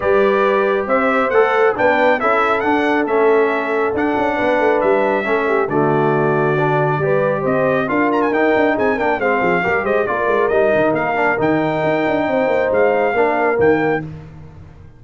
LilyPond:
<<
  \new Staff \with { instrumentName = "trumpet" } { \time 4/4 \tempo 4 = 137 d''2 e''4 fis''4 | g''4 e''4 fis''4 e''4~ | e''4 fis''2 e''4~ | e''4 d''2.~ |
d''4 dis''4 f''8 ais''16 gis''16 g''4 | gis''8 g''8 f''4. dis''8 d''4 | dis''4 f''4 g''2~ | g''4 f''2 g''4 | }
  \new Staff \with { instrumentName = "horn" } { \time 4/4 b'2 c''2 | b'4 a'2.~ | a'2 b'2 | a'8 g'8 fis'2. |
b'4 c''4 ais'2 | gis'8 ais'8 c''8 gis'8 ais'8 c''8 ais'4~ | ais'1 | c''2 ais'2 | }
  \new Staff \with { instrumentName = "trombone" } { \time 4/4 g'2. a'4 | d'4 e'4 d'4 cis'4~ | cis'4 d'2. | cis'4 a2 d'4 |
g'2 f'4 dis'4~ | dis'8 d'8 c'4 g'4 f'4 | dis'4. d'8 dis'2~ | dis'2 d'4 ais4 | }
  \new Staff \with { instrumentName = "tuba" } { \time 4/4 g2 c'4 a4 | b4 cis'4 d'4 a4~ | a4 d'8 cis'8 b8 a8 g4 | a4 d2. |
g4 c'4 d'4 dis'8 d'8 | c'8 ais8 gis8 f8 g8 gis8 ais8 gis8 | g8 dis8 ais4 dis4 dis'8 d'8 | c'8 ais8 gis4 ais4 dis4 | }
>>